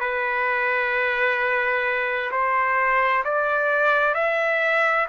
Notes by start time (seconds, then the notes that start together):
0.00 B4
2.32 C5
3.24 D5
4.15 E5